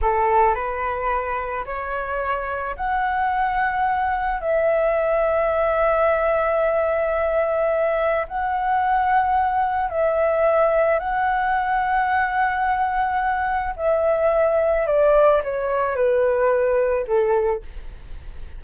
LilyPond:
\new Staff \with { instrumentName = "flute" } { \time 4/4 \tempo 4 = 109 a'4 b'2 cis''4~ | cis''4 fis''2. | e''1~ | e''2. fis''4~ |
fis''2 e''2 | fis''1~ | fis''4 e''2 d''4 | cis''4 b'2 a'4 | }